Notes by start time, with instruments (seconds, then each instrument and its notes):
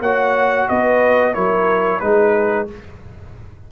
0.00 tuba A#3, trombone F#4, horn C#5, trumpet F#5
0.68 tuba B3, horn B4, trumpet D#5
1.33 tuba F#3, trombone E4, horn A#4, trumpet C#5
1.99 tuba G#3, trombone D#4, horn G#4, trumpet B4